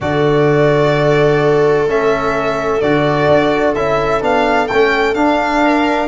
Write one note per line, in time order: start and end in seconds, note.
0.01 1.86 D3
0.01 1.88 F#4
0.01 5.64 A4
0.01 1.88 D5
1.86 2.80 A3
1.86 2.81 C#4
1.86 2.80 E5
2.80 3.27 D3
2.80 3.75 F#4
2.80 3.74 D5
3.27 3.74 D4
3.75 4.22 C#4
3.75 4.21 E4
3.75 4.22 E5
4.21 4.69 B3
4.21 4.67 D4
4.21 4.67 F5
4.67 5.14 A3
4.67 5.15 C#4
4.67 5.14 G5
5.14 6.08 D4
5.14 6.08 F5
5.64 6.08 A#4